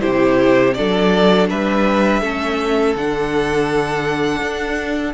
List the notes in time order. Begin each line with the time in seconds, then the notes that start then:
0.00 C3 E4 G4 C5
0.74 F#3 D4 A4 D5
1.49 G3 B4 E5
2.21 A3 C#4 A4
2.95 D3 D4 F#5
4.41 D4